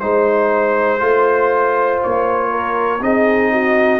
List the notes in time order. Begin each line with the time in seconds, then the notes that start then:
0.00 G#3 D#4 C5
0.99 A3 F4
2.03 A#3 C#5
2.51 A#4
3.01 C4 D#4 G#4 D#5
3.52 F#4